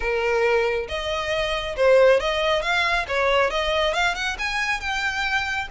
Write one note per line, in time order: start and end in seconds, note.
0.00 0.87 A#4
0.88 1.76 D#5
1.76 2.20 C5
2.20 2.62 D#5
2.62 3.05 F5
3.08 3.50 C#5
3.50 3.93 D#5
3.93 4.14 F5
4.14 4.36 F#5
4.38 4.80 G#5
4.80 5.68 G5